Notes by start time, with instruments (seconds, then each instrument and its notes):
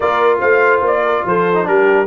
0.00 tuba A#3, trombone F4, horn A#4, trumpet D5
0.39 tuba A3, horn C5, trumpet F5
0.81 tuba A#3, trumpet D5
1.04 horn A#4
1.25 tuba F3, horn A4, trumpet C5
1.53 trombone D#4
1.64 tuba G3, trombone D4, horn G4, trumpet A#4